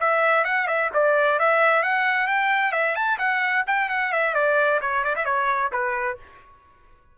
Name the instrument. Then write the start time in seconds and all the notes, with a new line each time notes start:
trumpet
0.00 E5
0.45 F#5
0.67 E5
0.94 D5
1.39 E5
1.83 F#5
2.27 G5
2.73 E5
2.95 A5
3.19 F#5
3.67 G5
3.90 F#5
4.13 E5
4.35 D5
4.81 C#5
5.04 D5
5.16 E5
5.26 C#5
5.72 B4